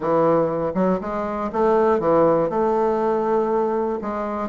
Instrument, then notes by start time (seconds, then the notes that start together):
bassoon
0.00 E3
0.74 F#3
1.00 G#3
1.52 A3
1.99 E3
2.49 A3
4.01 G#3